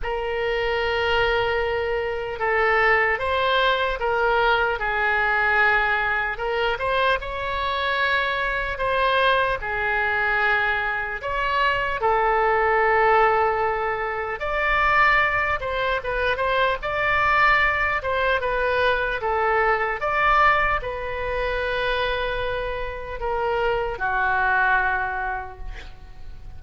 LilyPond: \new Staff \with { instrumentName = "oboe" } { \time 4/4 \tempo 4 = 75 ais'2. a'4 | c''4 ais'4 gis'2 | ais'8 c''8 cis''2 c''4 | gis'2 cis''4 a'4~ |
a'2 d''4. c''8 | b'8 c''8 d''4. c''8 b'4 | a'4 d''4 b'2~ | b'4 ais'4 fis'2 | }